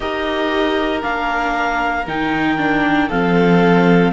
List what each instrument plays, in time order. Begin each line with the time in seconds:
0.00 cello D#4, viola G4, violin A#4, clarinet D#5
1.01 cello A#3, viola D4, clarinet F5
2.07 cello D#3, viola D#4, clarinet G5
2.57 viola D4
3.08 cello F3, viola C4, violin A4, clarinet F5